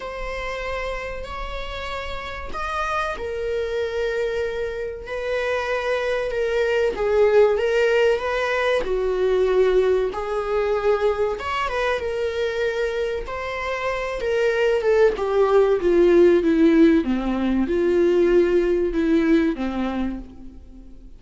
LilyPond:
\new Staff \with { instrumentName = "viola" } { \time 4/4 \tempo 4 = 95 c''2 cis''2 | dis''4 ais'2. | b'2 ais'4 gis'4 | ais'4 b'4 fis'2 |
gis'2 cis''8 b'8 ais'4~ | ais'4 c''4. ais'4 a'8 | g'4 f'4 e'4 c'4 | f'2 e'4 c'4 | }